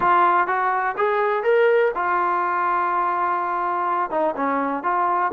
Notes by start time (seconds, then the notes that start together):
0.00 F4
0.47 F#4
0.97 G#4
1.43 A#4
1.94 F4
4.10 D#4
4.36 C#4
4.83 F4